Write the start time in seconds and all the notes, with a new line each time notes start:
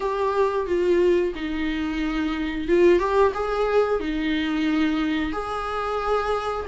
0.00 G4
0.66 F4
1.35 D#4
2.68 F4
2.98 G4
3.34 G#4
4.00 D#4
5.32 G#4